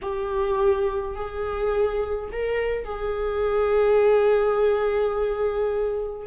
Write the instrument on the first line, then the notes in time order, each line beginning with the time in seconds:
viola
0.02 G4
1.15 G#4
2.31 A#4
2.84 G#4